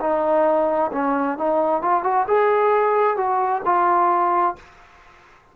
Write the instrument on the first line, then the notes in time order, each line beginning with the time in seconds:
trombone
0.00 D#4
0.93 C#4
1.38 D#4
1.82 F4
2.04 F#4
2.27 G#4
3.17 F#4
3.65 F4